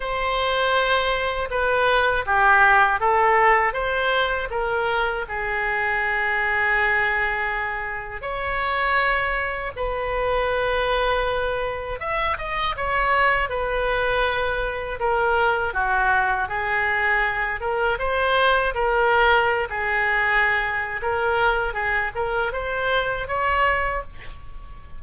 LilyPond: \new Staff \with { instrumentName = "oboe" } { \time 4/4 \tempo 4 = 80 c''2 b'4 g'4 | a'4 c''4 ais'4 gis'4~ | gis'2. cis''4~ | cis''4 b'2. |
e''8 dis''8 cis''4 b'2 | ais'4 fis'4 gis'4. ais'8 | c''4 ais'4~ ais'16 gis'4.~ gis'16 | ais'4 gis'8 ais'8 c''4 cis''4 | }